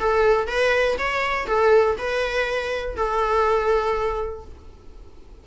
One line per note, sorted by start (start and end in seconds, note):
0.00 0.48 A4
0.48 0.97 B4
0.99 1.47 C#5
1.47 1.97 A4
1.99 2.96 B4
2.96 4.45 A4